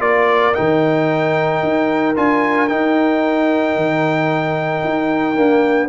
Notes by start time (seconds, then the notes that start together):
0.00 A#3 F4 A#4 D5
0.54 D#3 D#4 G5
1.63 D#4
2.16 D4 F4 G#5
2.68 D#4 G5
3.77 D#3
4.84 D#4
5.36 A#3 D4